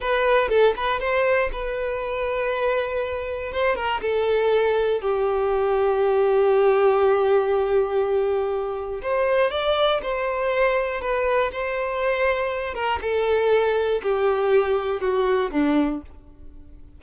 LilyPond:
\new Staff \with { instrumentName = "violin" } { \time 4/4 \tempo 4 = 120 b'4 a'8 b'8 c''4 b'4~ | b'2. c''8 ais'8 | a'2 g'2~ | g'1~ |
g'2 c''4 d''4 | c''2 b'4 c''4~ | c''4. ais'8 a'2 | g'2 fis'4 d'4 | }